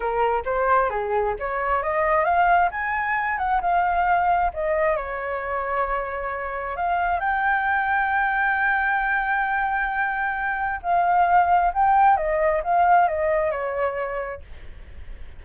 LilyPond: \new Staff \with { instrumentName = "flute" } { \time 4/4 \tempo 4 = 133 ais'4 c''4 gis'4 cis''4 | dis''4 f''4 gis''4. fis''8 | f''2 dis''4 cis''4~ | cis''2. f''4 |
g''1~ | g''1 | f''2 g''4 dis''4 | f''4 dis''4 cis''2 | }